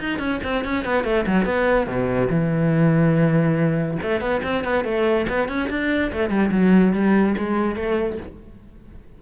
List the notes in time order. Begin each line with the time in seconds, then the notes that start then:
0.00 D#4
0.19 C#4
0.44 C4
0.65 C#4
0.85 B3
1.05 A3
1.27 F#3
1.46 B3
1.87 B2
2.30 E3
4.03 A3
4.21 B3
4.43 C4
4.64 B3
4.85 A3
5.29 B3
5.49 C#4
5.70 D4
6.13 A3
6.30 G3
6.52 F#3
6.94 G3
7.38 G#3
7.76 A3